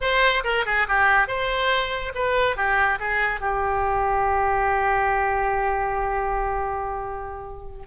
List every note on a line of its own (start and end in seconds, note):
0.01 0.43 C5
0.44 0.65 A#4
0.65 0.87 G#4
0.88 1.27 G4
1.27 2.12 C5
2.14 2.56 B4
2.56 2.98 G4
2.99 3.40 G#4
3.40 7.86 G4